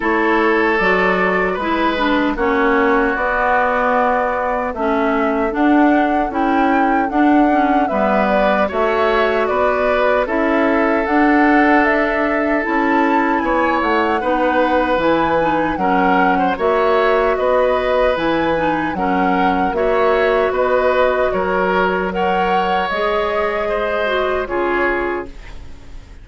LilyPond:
<<
  \new Staff \with { instrumentName = "flute" } { \time 4/4 \tempo 4 = 76 cis''4 d''4 b'4 cis''4 | d''2 e''4 fis''4 | g''4 fis''4 e''8 d''8 e''4 | d''4 e''4 fis''4 e''4 |
a''4 gis''8 fis''4. gis''4 | fis''4 e''4 dis''4 gis''4 | fis''4 e''4 dis''4 cis''4 | fis''4 dis''2 cis''4 | }
  \new Staff \with { instrumentName = "oboe" } { \time 4/4 a'2 b'4 fis'4~ | fis'2 a'2~ | a'2 b'4 cis''4 | b'4 a'2.~ |
a'4 cis''4 b'2 | ais'8. c''16 cis''4 b'2 | ais'4 cis''4 b'4 ais'4 | cis''2 c''4 gis'4 | }
  \new Staff \with { instrumentName = "clarinet" } { \time 4/4 e'4 fis'4 e'8 d'8 cis'4 | b2 cis'4 d'4 | e'4 d'8 cis'8 b4 fis'4~ | fis'4 e'4 d'2 |
e'2 dis'4 e'8 dis'8 | cis'4 fis'2 e'8 dis'8 | cis'4 fis'2. | ais'4 gis'4. fis'8 f'4 | }
  \new Staff \with { instrumentName = "bassoon" } { \time 4/4 a4 fis4 gis4 ais4 | b2 a4 d'4 | cis'4 d'4 g4 a4 | b4 cis'4 d'2 |
cis'4 b8 a8 b4 e4 | fis4 ais4 b4 e4 | fis4 ais4 b4 fis4~ | fis4 gis2 cis4 | }
>>